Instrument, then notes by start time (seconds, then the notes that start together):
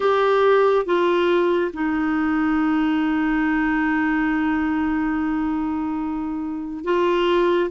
clarinet
0.00 G4
0.85 F4
1.73 D#4
6.84 F4